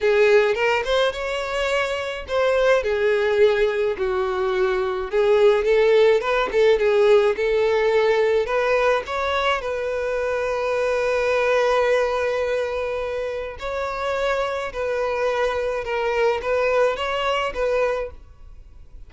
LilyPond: \new Staff \with { instrumentName = "violin" } { \time 4/4 \tempo 4 = 106 gis'4 ais'8 c''8 cis''2 | c''4 gis'2 fis'4~ | fis'4 gis'4 a'4 b'8 a'8 | gis'4 a'2 b'4 |
cis''4 b'2.~ | b'1 | cis''2 b'2 | ais'4 b'4 cis''4 b'4 | }